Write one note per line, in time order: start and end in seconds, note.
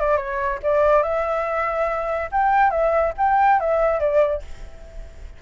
0.00 0.17 D5
0.17 0.59 C#5
0.63 1.03 D5
1.03 2.30 E5
2.31 2.70 G5
2.70 3.13 E5
3.18 3.60 G5
3.60 3.99 E5
3.99 4.42 D5